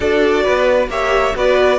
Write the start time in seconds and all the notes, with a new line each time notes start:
0.00 D4 F#4 A4 D5
0.43 B3 B4
0.88 A#3 G4 C#5 E5
1.35 B3 F#4 B4 D5